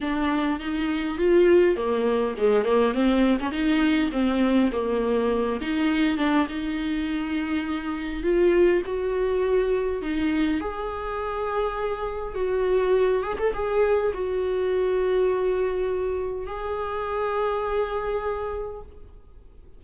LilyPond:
\new Staff \with { instrumentName = "viola" } { \time 4/4 \tempo 4 = 102 d'4 dis'4 f'4 ais4 | gis8 ais8 c'8. cis'16 dis'4 c'4 | ais4. dis'4 d'8 dis'4~ | dis'2 f'4 fis'4~ |
fis'4 dis'4 gis'2~ | gis'4 fis'4. gis'16 a'16 gis'4 | fis'1 | gis'1 | }